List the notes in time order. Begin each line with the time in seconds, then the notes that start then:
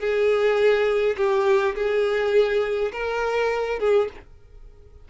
0.00 G#4
1.17 G4
1.76 G#4
2.93 A#4
3.80 G#4